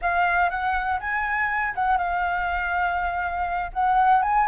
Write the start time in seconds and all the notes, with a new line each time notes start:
0.01 F5
0.50 F#5
1.00 G#5
1.74 F#5
1.97 F5
3.73 F#5
4.22 G#5